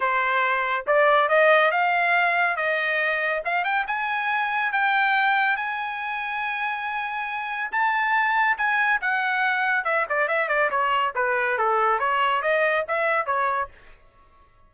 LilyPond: \new Staff \with { instrumentName = "trumpet" } { \time 4/4 \tempo 4 = 140 c''2 d''4 dis''4 | f''2 dis''2 | f''8 g''8 gis''2 g''4~ | g''4 gis''2.~ |
gis''2 a''2 | gis''4 fis''2 e''8 d''8 | e''8 d''8 cis''4 b'4 a'4 | cis''4 dis''4 e''4 cis''4 | }